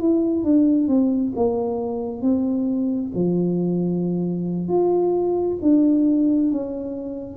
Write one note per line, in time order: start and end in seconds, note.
0.00 0.44 E4
0.44 0.88 D4
0.88 1.33 C4
1.36 2.22 A#3
2.22 3.11 C4
3.15 4.69 F3
4.69 5.58 F4
5.62 6.51 D4
6.51 7.37 C#4